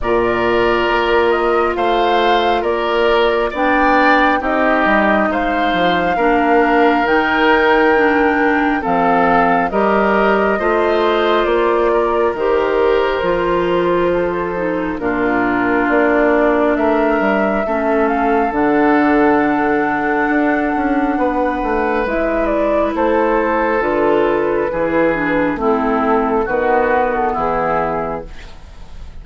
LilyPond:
<<
  \new Staff \with { instrumentName = "flute" } { \time 4/4 \tempo 4 = 68 d''4. dis''8 f''4 d''4 | g''4 dis''4 f''2 | g''2 f''4 dis''4~ | dis''4 d''4 c''2~ |
c''4 ais'4 d''4 e''4~ | e''8 f''8 fis''2.~ | fis''4 e''8 d''8 c''4 b'4~ | b'4 a'4 b'8. a'16 gis'4 | }
  \new Staff \with { instrumentName = "oboe" } { \time 4/4 ais'2 c''4 ais'4 | d''4 g'4 c''4 ais'4~ | ais'2 a'4 ais'4 | c''4. ais'2~ ais'8 |
a'4 f'2 ais'4 | a'1 | b'2 a'2 | gis'4 e'4 fis'4 e'4 | }
  \new Staff \with { instrumentName = "clarinet" } { \time 4/4 f'1 | d'4 dis'2 d'4 | dis'4 d'4 c'4 g'4 | f'2 g'4 f'4~ |
f'8 dis'8 d'2. | cis'4 d'2.~ | d'4 e'2 f'4 | e'8 d'8 c'4 b2 | }
  \new Staff \with { instrumentName = "bassoon" } { \time 4/4 ais,4 ais4 a4 ais4 | b4 c'8 g8 gis8 f8 ais4 | dis2 f4 g4 | a4 ais4 dis4 f4~ |
f4 ais,4 ais4 a8 g8 | a4 d2 d'8 cis'8 | b8 a8 gis4 a4 d4 | e4 a4 dis4 e4 | }
>>